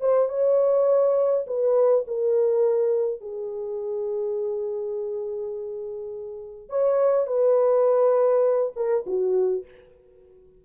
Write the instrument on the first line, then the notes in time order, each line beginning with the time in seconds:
horn
0.00 C5
0.29 C#5
1.46 B4
2.07 A#4
3.21 G#4
6.69 C#5
7.27 B4
8.76 A#4
9.06 F#4